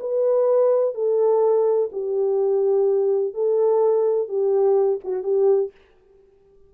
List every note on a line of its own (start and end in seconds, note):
0.00 0.94 B4
0.94 1.89 A4
1.92 3.34 G4
3.34 4.28 A4
4.28 5.00 G4
5.04 5.23 F#4
5.23 5.71 G4